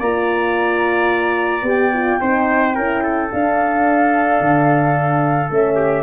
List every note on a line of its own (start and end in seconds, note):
0.00 1.63 A#3
0.00 1.65 F4
0.00 2.20 D5
0.00 1.67 A#5
1.63 2.18 B3
1.63 1.92 G4
1.63 3.31 G5
1.93 2.20 F4
2.20 2.76 C4
2.20 2.75 D#4
2.20 2.75 C5
2.75 3.32 C#4
2.75 3.30 E4
2.75 3.03 A#4
3.03 5.76 A4
3.30 5.50 D4
3.30 4.40 D4
3.30 5.51 F5
4.40 5.50 D3
5.50 6.03 A3
5.50 6.03 C#4
5.50 6.03 E5
5.76 6.03 G4